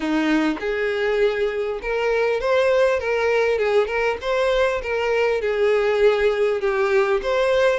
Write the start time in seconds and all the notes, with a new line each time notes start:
0.00 D#4
0.60 G#4
1.82 A#4
2.40 C5
2.99 A#4
3.58 G#4
3.87 A#4
4.21 C5
4.82 A#4
5.41 G#4
6.60 G4
7.22 C5